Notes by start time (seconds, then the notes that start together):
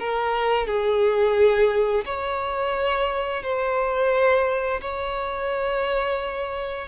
0.00 A#4
0.67 G#4
2.06 C#5
3.43 C5
4.82 C#5